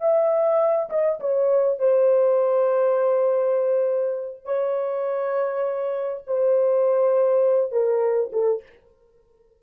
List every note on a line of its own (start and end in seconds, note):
0.00 0.89 E5
0.90 1.19 D#5
1.20 1.79 C#5
1.79 4.45 C5
4.45 6.23 C#5
6.27 7.72 C5
7.72 8.31 A#4
8.32 8.62 A4